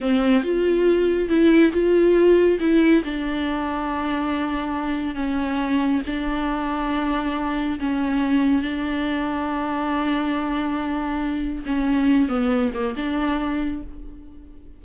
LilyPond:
\new Staff \with { instrumentName = "viola" } { \time 4/4 \tempo 4 = 139 c'4 f'2 e'4 | f'2 e'4 d'4~ | d'1 | cis'2 d'2~ |
d'2 cis'2 | d'1~ | d'2. cis'4~ | cis'8 b4 ais8 d'2 | }